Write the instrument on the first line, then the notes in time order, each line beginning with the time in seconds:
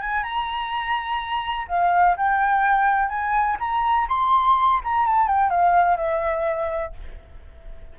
flute
0.00 G#5
0.23 A#5
1.68 F5
2.16 G5
3.08 G#5
3.59 A#5
4.08 C6
4.83 A#5
5.06 A5
5.27 G5
5.50 F5
5.96 E5